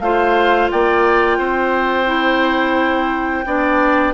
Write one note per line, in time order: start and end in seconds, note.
0.00 0.69 A3
0.00 2.06 F4
0.00 0.72 C5
0.00 0.69 F5
0.71 1.39 A#3
0.71 1.39 D5
0.71 4.15 G5
1.39 3.46 C4
1.39 3.45 C5
2.06 3.44 E4
3.46 4.15 B3
3.46 4.15 D4
3.46 4.15 D5